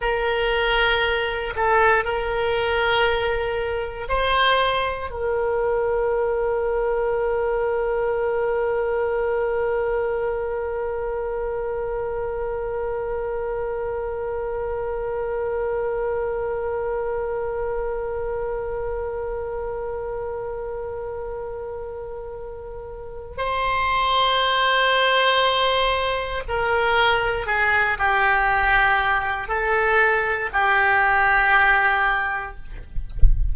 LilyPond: \new Staff \with { instrumentName = "oboe" } { \time 4/4 \tempo 4 = 59 ais'4. a'8 ais'2 | c''4 ais'2.~ | ais'1~ | ais'1~ |
ais'1~ | ais'2. c''4~ | c''2 ais'4 gis'8 g'8~ | g'4 a'4 g'2 | }